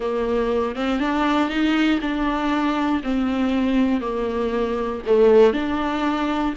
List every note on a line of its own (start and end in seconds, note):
0.00 0.75 A#3
0.75 0.99 C4
0.99 1.49 D4
1.49 1.99 D#4
2.01 3.02 D4
3.03 4.01 C4
4.01 5.01 A#3
5.06 5.53 A3
5.53 6.54 D4